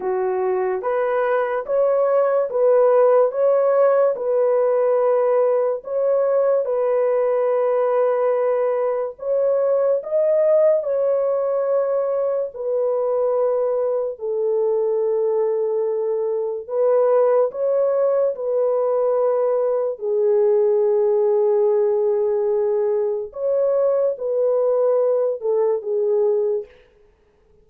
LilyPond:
\new Staff \with { instrumentName = "horn" } { \time 4/4 \tempo 4 = 72 fis'4 b'4 cis''4 b'4 | cis''4 b'2 cis''4 | b'2. cis''4 | dis''4 cis''2 b'4~ |
b'4 a'2. | b'4 cis''4 b'2 | gis'1 | cis''4 b'4. a'8 gis'4 | }